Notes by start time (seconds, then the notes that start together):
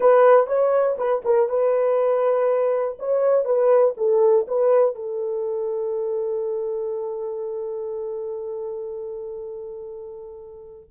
0.00 B4
0.46 C#5
0.97 B4
1.24 A#4
1.49 B4
2.99 C#5
3.45 B4
3.97 A4
4.47 B4
4.95 A4